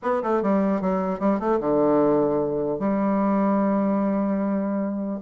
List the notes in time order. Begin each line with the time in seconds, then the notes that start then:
0.02 B3
0.22 A3
0.42 G3
0.81 F#3
1.19 G3
1.39 A3
1.59 D3
2.79 G3